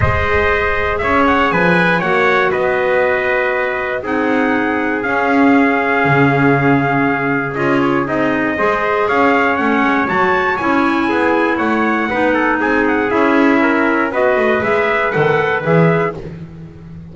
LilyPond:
<<
  \new Staff \with { instrumentName = "trumpet" } { \time 4/4 \tempo 4 = 119 dis''2 e''8 fis''8 gis''4 | fis''4 dis''2. | fis''2 f''2~ | f''2. dis''8 cis''8 |
dis''2 f''4 fis''4 | a''4 gis''2 fis''4~ | fis''4 gis''8 fis''8 e''2 | dis''4 e''4 fis''4 e''4 | }
  \new Staff \with { instrumentName = "trumpet" } { \time 4/4 c''2 cis''4 b'4 | cis''4 b'2. | gis'1~ | gis'1~ |
gis'4 c''4 cis''2~ | cis''2 gis'4 cis''4 | b'8 a'8 gis'2 ais'4 | b'1 | }
  \new Staff \with { instrumentName = "clarinet" } { \time 4/4 gis'1 | fis'1 | dis'2 cis'2~ | cis'2. f'4 |
dis'4 gis'2 cis'4 | fis'4 e'2. | dis'2 e'2 | fis'4 gis'4 a'4 gis'4 | }
  \new Staff \with { instrumentName = "double bass" } { \time 4/4 gis2 cis'4 f4 | ais4 b2. | c'2 cis'2 | cis2. cis'4 |
c'4 gis4 cis'4 a8 gis8 | fis4 cis'4 b4 a4 | b4 c'4 cis'2 | b8 a8 gis4 dis4 e4 | }
>>